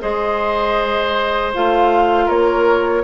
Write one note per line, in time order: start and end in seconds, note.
0.00 1.55 G#3
0.00 1.52 G#4
0.00 2.25 C5
0.00 1.53 D#5
1.54 2.28 A3
1.54 3.03 F4
1.54 2.29 F5
2.25 3.03 A#3
2.25 3.01 A#4
2.25 3.03 C#5